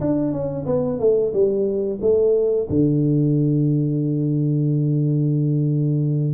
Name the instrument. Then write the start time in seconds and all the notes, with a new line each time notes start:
tuba
0.00 D4
0.32 C#4
0.66 B3
0.99 A3
1.33 G3
2.01 A3
2.69 D3